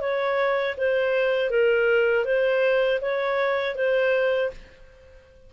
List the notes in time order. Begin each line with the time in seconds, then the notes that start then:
0.00 C#5
0.77 C5
1.50 A#4
2.24 C5
3.01 C#5
3.75 C5